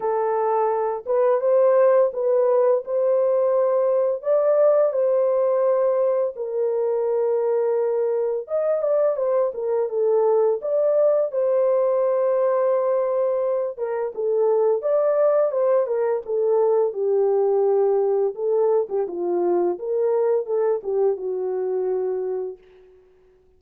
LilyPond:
\new Staff \with { instrumentName = "horn" } { \time 4/4 \tempo 4 = 85 a'4. b'8 c''4 b'4 | c''2 d''4 c''4~ | c''4 ais'2. | dis''8 d''8 c''8 ais'8 a'4 d''4 |
c''2.~ c''8 ais'8 | a'4 d''4 c''8 ais'8 a'4 | g'2 a'8. g'16 f'4 | ais'4 a'8 g'8 fis'2 | }